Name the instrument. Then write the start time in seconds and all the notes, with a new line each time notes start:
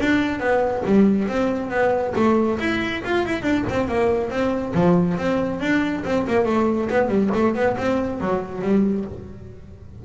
double bass
0.00 D4
0.39 B3
0.85 G3
1.28 C4
1.70 B3
2.15 A3
2.59 E4
3.04 F4
3.25 E4
3.42 D4
3.69 C4
3.88 A#3
4.29 C4
4.74 F3
5.17 C4
5.60 D4
6.05 C4
6.27 A#3
6.45 A3
6.89 B3
7.08 G3
7.33 A3
7.54 B3
7.77 C4
8.20 F#3
8.61 G3